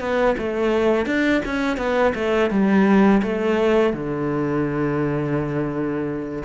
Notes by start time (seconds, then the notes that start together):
0.00 B3
0.38 A3
1.06 D4
1.45 C#4
1.77 B3
2.15 A3
2.50 G3
3.22 A3
3.93 D3